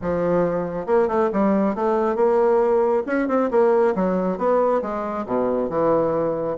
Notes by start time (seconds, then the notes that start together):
0.01 F3
0.86 A#3
1.07 A3
1.32 G3
1.75 A3
2.15 A#3
3.06 C#4
3.28 C4
3.50 A#3
3.95 F#3
4.38 B3
4.82 G#3
5.26 B2
5.69 E3